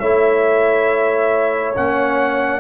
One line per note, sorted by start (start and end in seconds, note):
0.00 1.76 A3
0.00 1.75 E4
0.00 2.61 C#5
0.00 1.74 E5
1.75 2.61 A#3
1.75 2.61 C#4
1.75 2.61 F#5